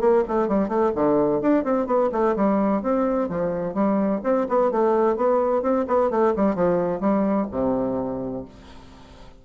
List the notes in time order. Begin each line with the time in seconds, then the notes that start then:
0.00 A#3
0.28 A3
0.48 G3
0.69 A3
0.95 D3
1.41 D4
1.64 C4
1.86 B3
2.12 A3
2.36 G3
2.82 C4
3.29 F3
3.74 G3
4.24 C4
4.49 B3
4.71 A3
5.16 B3
5.62 C4
5.88 B3
6.10 A3
6.36 G3
6.55 F3
7.00 G3
7.51 C3